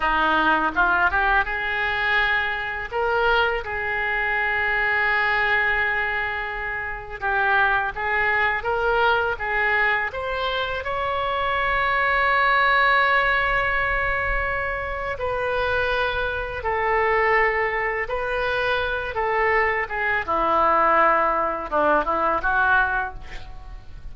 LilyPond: \new Staff \with { instrumentName = "oboe" } { \time 4/4 \tempo 4 = 83 dis'4 f'8 g'8 gis'2 | ais'4 gis'2.~ | gis'2 g'4 gis'4 | ais'4 gis'4 c''4 cis''4~ |
cis''1~ | cis''4 b'2 a'4~ | a'4 b'4. a'4 gis'8 | e'2 d'8 e'8 fis'4 | }